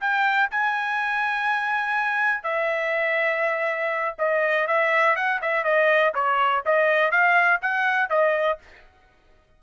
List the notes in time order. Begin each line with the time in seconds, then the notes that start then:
0.00 G5
0.51 G#5
2.43 E5
4.18 D#5
4.67 E5
5.15 F#5
5.41 E5
5.64 D#5
6.14 C#5
6.65 D#5
7.11 F5
7.61 F#5
8.09 D#5